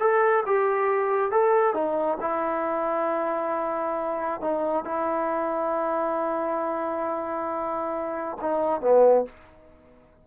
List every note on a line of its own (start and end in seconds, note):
0.00 0.44 A4
0.46 1.32 G4
1.32 1.74 A4
1.74 2.18 D#4
2.21 4.41 E4
4.41 4.85 D#4
4.85 8.38 E4
8.41 8.81 D#4
8.81 9.25 B3